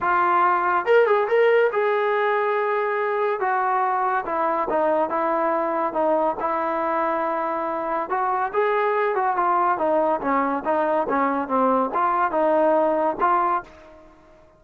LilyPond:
\new Staff \with { instrumentName = "trombone" } { \time 4/4 \tempo 4 = 141 f'2 ais'8 gis'8 ais'4 | gis'1 | fis'2 e'4 dis'4 | e'2 dis'4 e'4~ |
e'2. fis'4 | gis'4. fis'8 f'4 dis'4 | cis'4 dis'4 cis'4 c'4 | f'4 dis'2 f'4 | }